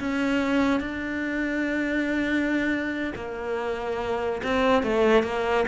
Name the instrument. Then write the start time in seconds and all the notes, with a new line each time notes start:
cello
0.00 C#4
0.80 D4
3.15 A#3
4.44 C4
4.83 A3
5.24 A#3